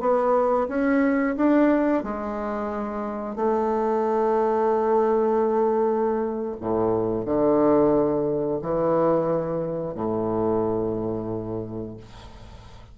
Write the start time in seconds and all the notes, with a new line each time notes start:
0.00 B3
0.68 C#4
1.36 D4
2.03 G#3
3.36 A3
6.61 A2
7.25 D3
8.62 E3
9.94 A2